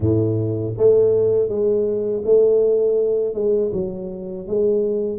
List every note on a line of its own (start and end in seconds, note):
0.00 0.74 A2
0.77 1.48 A3
1.48 2.23 G#3
2.25 3.34 A3
3.34 3.71 G#3
3.72 4.46 F#3
4.46 5.18 G#3